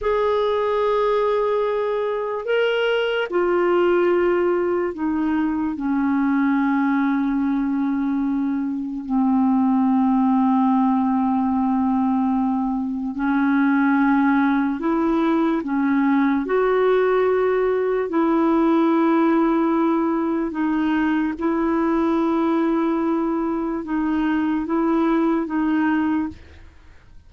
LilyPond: \new Staff \with { instrumentName = "clarinet" } { \time 4/4 \tempo 4 = 73 gis'2. ais'4 | f'2 dis'4 cis'4~ | cis'2. c'4~ | c'1 |
cis'2 e'4 cis'4 | fis'2 e'2~ | e'4 dis'4 e'2~ | e'4 dis'4 e'4 dis'4 | }